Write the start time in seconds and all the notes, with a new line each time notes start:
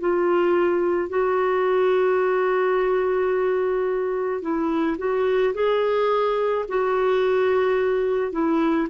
0.00 F4
1.09 F#4
4.41 E4
4.98 F#4
5.54 G#4
6.69 F#4
8.32 E4